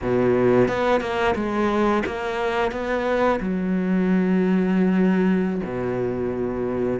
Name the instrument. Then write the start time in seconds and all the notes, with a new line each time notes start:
cello
0.02 B2
0.68 B3
1.00 A#3
1.35 G#3
2.05 A#3
2.71 B3
3.40 F#3
5.64 B2